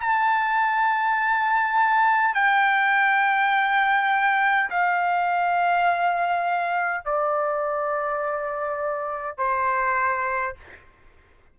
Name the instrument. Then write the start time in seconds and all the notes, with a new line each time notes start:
trumpet
0.00 A5
2.34 G5
4.70 F5
7.05 D5
9.37 C5